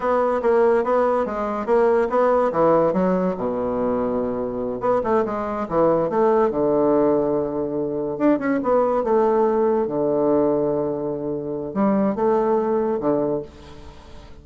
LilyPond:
\new Staff \with { instrumentName = "bassoon" } { \time 4/4 \tempo 4 = 143 b4 ais4 b4 gis4 | ais4 b4 e4 fis4 | b,2.~ b,8 b8 | a8 gis4 e4 a4 d8~ |
d2.~ d8 d'8 | cis'8 b4 a2 d8~ | d1 | g4 a2 d4 | }